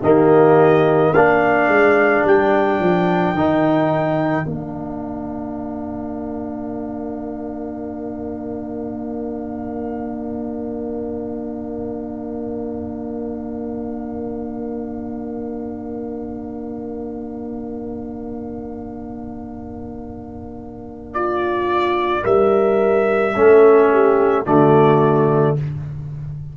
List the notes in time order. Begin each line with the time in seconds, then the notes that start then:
0.00 D#3 A#3 G4 D#5
1.13 A#3 D4 A#4 F5
1.68 G#3
2.25 G3 G5
2.79 F3
3.34 D#3 D#4
4.44 A#3 D4 F5
21.13 F4 D5
22.23 G3 A#4 E5
23.35 A3 C#4 A4
23.92 G4
24.44 D3 A3 F#4 D5